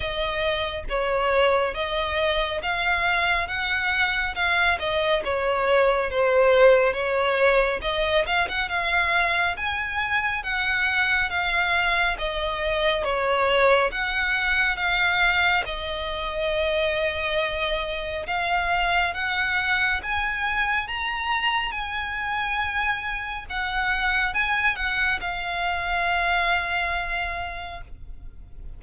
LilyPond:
\new Staff \with { instrumentName = "violin" } { \time 4/4 \tempo 4 = 69 dis''4 cis''4 dis''4 f''4 | fis''4 f''8 dis''8 cis''4 c''4 | cis''4 dis''8 f''16 fis''16 f''4 gis''4 | fis''4 f''4 dis''4 cis''4 |
fis''4 f''4 dis''2~ | dis''4 f''4 fis''4 gis''4 | ais''4 gis''2 fis''4 | gis''8 fis''8 f''2. | }